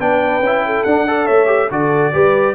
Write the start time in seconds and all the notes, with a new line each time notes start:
0.00 B3 D4 B4 G5
0.41 C#4 E4
0.66 A4
0.84 D4 F#5
1.08 A4 D5
1.26 A3 C#5 E5
1.47 G4
1.71 D3 F#4 A4 D5
2.14 G3 G4 B4